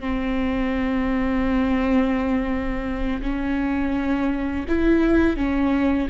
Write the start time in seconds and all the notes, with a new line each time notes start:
0.00 C4
3.22 C#4
4.68 E4
5.37 C#4